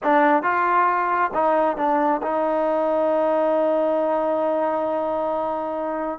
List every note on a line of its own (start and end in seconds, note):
0.03 0.42 D4
0.42 1.31 F4
1.34 1.77 D#4
1.77 2.21 D4
2.22 6.18 D#4